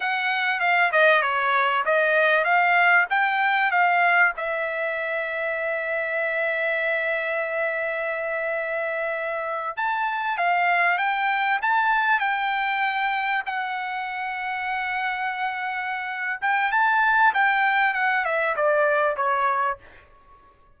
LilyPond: \new Staff \with { instrumentName = "trumpet" } { \time 4/4 \tempo 4 = 97 fis''4 f''8 dis''8 cis''4 dis''4 | f''4 g''4 f''4 e''4~ | e''1~ | e''2.~ e''8. a''16~ |
a''8. f''4 g''4 a''4 g''16~ | g''4.~ g''16 fis''2~ fis''16~ | fis''2~ fis''8 g''8 a''4 | g''4 fis''8 e''8 d''4 cis''4 | }